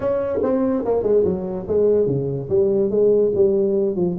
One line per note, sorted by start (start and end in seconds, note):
0.00 0.39 C#4
0.42 0.84 C4
0.84 1.02 A#3
1.02 1.23 G#3
1.24 1.66 F#3
1.67 2.06 G#3
2.06 2.48 C#3
2.49 2.90 G3
2.90 3.32 G#3
3.34 3.95 G3
3.95 4.16 F3